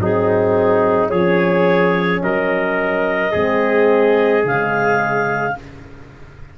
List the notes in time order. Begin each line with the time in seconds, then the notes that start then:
0.00 F#3 C4 D#4 G#4
1.09 F3 C#4 G#4 C#5
2.22 F#3 A#4 D#5
3.31 G#3 C4 G#4
4.44 C#3 G#3 F5